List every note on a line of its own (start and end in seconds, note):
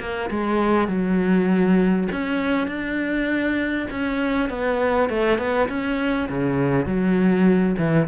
0.00 0.30 A#3
0.30 0.88 G#3
0.88 2.08 F#3
2.12 2.67 C#4
2.67 3.87 D4
3.91 4.49 C#4
4.49 5.09 B3
5.09 5.38 A3
5.38 5.68 B3
5.69 6.29 C#4
6.29 6.86 C#3
6.86 7.76 F#3
7.78 8.08 E3